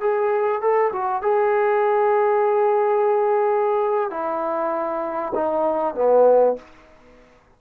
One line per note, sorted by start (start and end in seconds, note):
0.00 0.61 G#4
0.61 0.91 A4
0.92 1.22 F#4
1.22 4.10 G#4
4.10 5.32 E4
5.35 5.94 D#4
5.94 6.56 B3